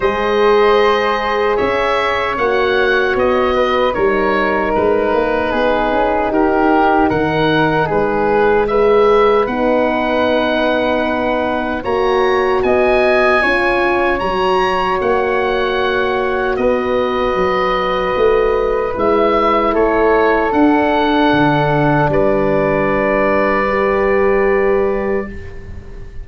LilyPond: <<
  \new Staff \with { instrumentName = "oboe" } { \time 4/4 \tempo 4 = 76 dis''2 e''4 fis''4 | dis''4 cis''4 b'2 | ais'4 fis''4 b'4 e''4 | fis''2. ais''4 |
gis''2 ais''4 fis''4~ | fis''4 dis''2. | e''4 cis''4 fis''2 | d''1 | }
  \new Staff \with { instrumentName = "flute" } { \time 4/4 c''2 cis''2~ | cis''8 b'8 ais'2 gis'4 | g'4 ais'4 gis'4 b'4~ | b'2. cis''4 |
dis''4 cis''2.~ | cis''4 b'2.~ | b'4 a'2. | b'1 | }
  \new Staff \with { instrumentName = "horn" } { \time 4/4 gis'2. fis'4~ | fis'4 dis'2.~ | dis'2. gis'4 | dis'2. fis'4~ |
fis'4 f'4 fis'2~ | fis'1 | e'2 d'2~ | d'2 g'2 | }
  \new Staff \with { instrumentName = "tuba" } { \time 4/4 gis2 cis'4 ais4 | b4 g4 gis8 ais8 b8 cis'8 | dis'4 dis4 gis2 | b2. ais4 |
b4 cis'4 fis4 ais4~ | ais4 b4 fis4 a4 | gis4 a4 d'4 d4 | g1 | }
>>